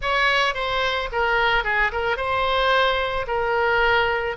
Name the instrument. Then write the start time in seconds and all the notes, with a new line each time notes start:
oboe
0.01 C#5
0.54 C5
1.12 A#4
1.64 G#4
1.92 A#4
2.17 C5
3.27 A#4